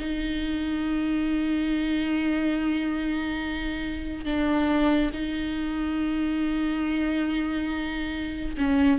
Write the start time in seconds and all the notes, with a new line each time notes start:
0.00 D#4
4.25 D4
5.14 D#4
8.58 C#4